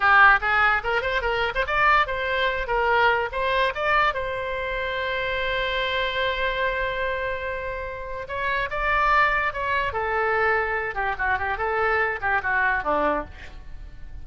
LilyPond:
\new Staff \with { instrumentName = "oboe" } { \time 4/4 \tempo 4 = 145 g'4 gis'4 ais'8 c''8 ais'8. c''16 | d''4 c''4. ais'4. | c''4 d''4 c''2~ | c''1~ |
c''1 | cis''4 d''2 cis''4 | a'2~ a'8 g'8 fis'8 g'8 | a'4. g'8 fis'4 d'4 | }